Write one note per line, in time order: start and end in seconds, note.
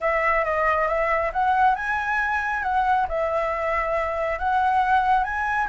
0.00 0.44 E5
0.44 0.88 D#5
0.88 1.31 E5
1.32 1.75 F#5
1.75 2.62 G#5
2.63 3.06 F#5
3.08 4.38 E5
4.38 5.24 F#5
5.24 5.67 G#5